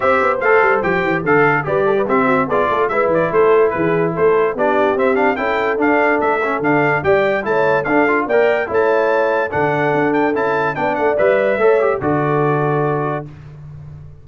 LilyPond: <<
  \new Staff \with { instrumentName = "trumpet" } { \time 4/4 \tempo 4 = 145 e''4 f''4 g''4 f''4 | d''4 e''4 d''4 e''8 d''8 | c''4 b'4 c''4 d''4 | e''8 f''8 g''4 f''4 e''4 |
f''4 g''4 a''4 f''4 | g''4 a''2 fis''4~ | fis''8 g''8 a''4 g''8 fis''8 e''4~ | e''4 d''2. | }
  \new Staff \with { instrumentName = "horn" } { \time 4/4 c''2. a'4 | b'8 a'16 b'16 g'8 fis'8 gis'8 a'8 b'4 | a'4 gis'4 a'4 g'4~ | g'4 a'2.~ |
a'4 d''4 cis''4 a'4 | d''4 cis''2 a'4~ | a'2 d''2 | cis''4 a'2. | }
  \new Staff \with { instrumentName = "trombone" } { \time 4/4 g'4 a'4 g'4 a'4 | g'4 c'4 f'4 e'4~ | e'2. d'4 | c'8 d'8 e'4 d'4. cis'8 |
d'4 g'4 e'4 d'8 f'8 | ais'4 e'2 d'4~ | d'4 e'4 d'4 b'4 | a'8 g'8 fis'2. | }
  \new Staff \with { instrumentName = "tuba" } { \time 4/4 c'8 b8 a8 g8 f8 e8 d4 | g4 c'4 b8 a8 gis8 e8 | a4 e4 a4 b4 | c'4 cis'4 d'4 a4 |
d4 g4 a4 d'4 | ais4 a2 d4 | d'4 cis'4 b8 a8 g4 | a4 d2. | }
>>